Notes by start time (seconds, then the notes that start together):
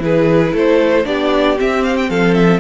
0.00 E3 E4 G#4 B4
0.54 A3 A4 C5
1.05 B3 D4 G4 D5
1.57 C4 E5
1.84 F5
1.97 G5
2.10 F3 A4 F5
2.34 E5